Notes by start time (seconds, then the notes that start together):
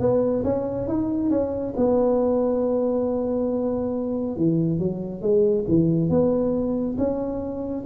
0.00 B3
0.44 C#4
0.88 D#4
1.30 C#4
1.77 B3
4.37 E3
4.79 F#3
5.22 G#3
5.68 E3
6.10 B3
6.98 C#4